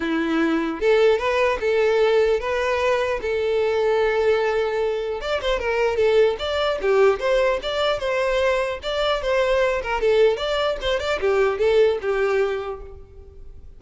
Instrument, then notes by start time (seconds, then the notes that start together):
violin
0.00 E4
0.80 A4
1.18 B4
1.60 A4
2.40 B4
3.21 A4
5.21 D5
5.41 C5
5.59 A#4
5.96 A4
6.39 D5
6.81 G4
7.19 C5
7.62 D5
7.99 C5
8.83 D5
9.21 C5
9.83 A#4
10.00 A4
10.37 D5
10.81 C5
10.99 D5
11.20 G4
11.58 A4
12.01 G4